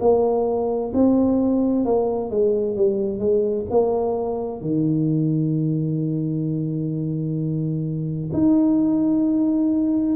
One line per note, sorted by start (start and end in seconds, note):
0.00 0.92 A#3
0.94 1.85 C4
1.85 2.30 A#3
2.30 2.76 G#3
2.76 3.19 G3
3.19 3.65 G#3
3.70 4.61 A#3
4.61 8.30 D#3
8.33 10.16 D#4